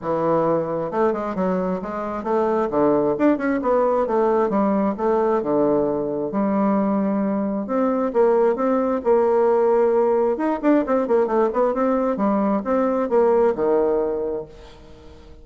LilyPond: \new Staff \with { instrumentName = "bassoon" } { \time 4/4 \tempo 4 = 133 e2 a8 gis8 fis4 | gis4 a4 d4 d'8 cis'8 | b4 a4 g4 a4 | d2 g2~ |
g4 c'4 ais4 c'4 | ais2. dis'8 d'8 | c'8 ais8 a8 b8 c'4 g4 | c'4 ais4 dis2 | }